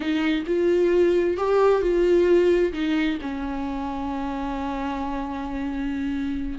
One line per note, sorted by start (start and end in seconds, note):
0.00 0.43 D#4
0.47 1.37 F4
1.37 1.81 G4
1.81 2.72 F4
2.72 3.18 D#4
3.21 6.58 C#4